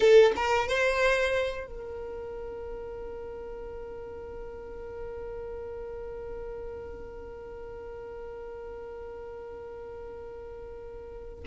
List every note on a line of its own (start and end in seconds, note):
0.00 0.32 A4
0.36 0.68 A#4
0.68 1.66 C5
1.66 11.44 A#4